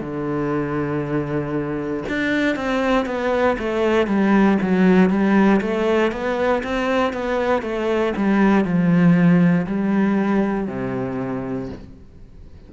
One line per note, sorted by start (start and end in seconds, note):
0.00 2.03 D3
2.08 2.56 D4
2.56 3.06 C4
3.06 3.56 B3
3.58 4.07 A3
4.07 4.58 G3
4.62 5.09 F#3
5.09 5.60 G3
5.61 6.12 A3
6.12 6.62 B3
6.63 7.13 C4
7.13 7.62 B3
7.62 8.13 A3
8.16 8.64 G3
8.64 9.66 F3
9.67 10.67 G3
10.67 11.69 C3